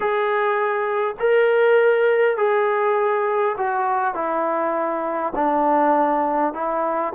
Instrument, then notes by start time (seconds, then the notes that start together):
trombone
0.00 G#4
1.19 A#4
2.37 G#4
3.57 F#4
4.14 E4
5.35 D4
6.53 E4